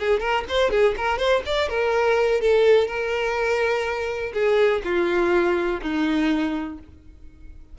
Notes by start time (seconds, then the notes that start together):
0.00 G#4
0.20 A#4
0.49 C5
0.71 G#4
0.97 A#4
1.18 C5
1.46 D5
1.69 A#4
2.41 A4
2.88 A#4
4.34 G#4
4.84 F4
5.82 D#4